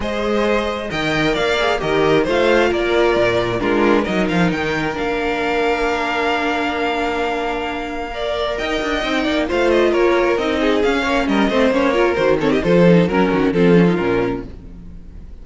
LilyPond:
<<
  \new Staff \with { instrumentName = "violin" } { \time 4/4 \tempo 4 = 133 dis''2 g''4 f''4 | dis''4 f''4 d''2 | ais'4 dis''8 f''8 g''4 f''4~ | f''1~ |
f''2. g''4~ | g''4 f''8 dis''8 cis''4 dis''4 | f''4 dis''4 cis''4 c''8 cis''16 dis''16 | c''4 ais'4 a'4 ais'4 | }
  \new Staff \with { instrumentName = "violin" } { \time 4/4 c''2 dis''4 d''4 | ais'4 c''4 ais'2 | f'4 ais'2.~ | ais'1~ |
ais'2 d''4 dis''4~ | dis''8 d''8 c''4 ais'4. gis'8~ | gis'8 cis''8 ais'8 c''4 ais'4 a'16 g'16 | a'4 ais'8 fis'8 f'2 | }
  \new Staff \with { instrumentName = "viola" } { \time 4/4 gis'2 ais'4. gis'8 | g'4 f'2. | d'4 dis'2 d'4~ | d'1~ |
d'2 ais'2 | dis'4 f'2 dis'4 | cis'4. c'8 cis'8 f'8 fis'8 c'8 | f'8 dis'8 cis'4 c'8 cis'16 dis'16 cis'4 | }
  \new Staff \with { instrumentName = "cello" } { \time 4/4 gis2 dis4 ais4 | dis4 a4 ais4 ais,4 | gis4 fis8 f8 dis4 ais4~ | ais1~ |
ais2. dis'8 d'8 | c'8 ais8 a4 ais4 c'4 | cis'8 ais8 g8 a8 ais4 dis4 | f4 fis8 dis8 f4 ais,4 | }
>>